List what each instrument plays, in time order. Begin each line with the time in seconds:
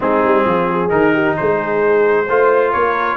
0.00 tuba G#3, trombone C4, horn D#4, trumpet G#4
0.24 tuba G3
0.45 tuba F3, horn F4
0.70 horn G#4
0.89 tuba D#3, trombone D#4, trumpet A#4
1.13 horn G4
1.36 tuba G#3, horn G#4, trumpet C5
2.26 tuba A3, trombone F4, horn C5
2.72 tuba A#3, horn A#4, trumpet C#5